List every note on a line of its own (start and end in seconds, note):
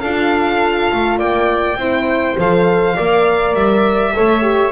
0.00 0.90 D4
0.00 1.78 F4
0.00 1.18 A4
0.00 1.18 F5
0.92 1.20 A3
1.18 1.76 A#3
1.18 1.77 D5
1.18 2.37 G5
1.76 2.35 C4
1.76 2.37 E4
1.76 2.95 C5
2.37 2.96 F3
2.37 2.96 A4
2.37 3.54 F5
2.95 3.54 A#3
2.95 4.12 A#4
2.95 4.13 D5
3.54 4.13 G3
3.54 4.71 E5
4.12 4.71 A3
4.12 4.41 A4
4.12 4.71 C#5
4.41 4.71 G4